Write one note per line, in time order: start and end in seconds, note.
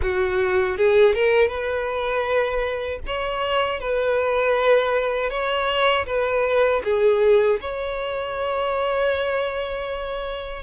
0.02 0.77 F#4
0.77 1.14 G#4
1.14 1.47 A#4
1.47 2.99 B4
3.06 3.79 C#5
3.79 5.30 B4
5.30 6.06 C#5
6.06 6.81 B4
6.84 7.59 G#4
7.60 10.63 C#5